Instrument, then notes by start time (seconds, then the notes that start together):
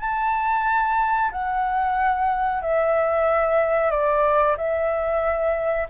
flute
0.00 A5
1.31 F#5
2.61 E5
3.90 D5
4.57 E5